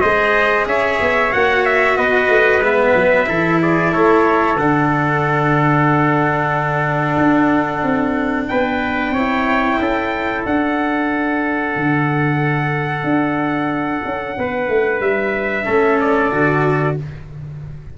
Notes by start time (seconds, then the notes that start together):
0.00 G#3 G#4 C5 D#5
0.66 C#4 C#5 E5
1.00 B3
1.31 A#3 F#4 F#5
1.65 E5
1.97 B3 B4 D#5
2.28 A3
2.59 G#3 B3 E5
2.94 F#3
3.26 E3 E4 A4
3.62 G#4 D5
3.91 A3 A4 C#5
4.55 D3 D4 F#5
7.17 D4
7.82 C4
8.48 B3 B4 G5
9.10 C4 C#5
9.17 E4
9.78 C#4 A4
10.44 D4 F#5
11.76 D3
13.03 D4
14.04 C#4
14.37 B3 B4
14.68 A3
15.00 G3 E5
15.65 A3 C#4 A4
16.00 D5
16.31 D3 F#4